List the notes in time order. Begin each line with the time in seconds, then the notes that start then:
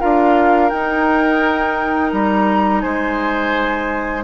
0.00 D4 F4 A#4 F5
0.70 D#4 G5
2.12 G3 A#5
2.82 G#3 C5 G#5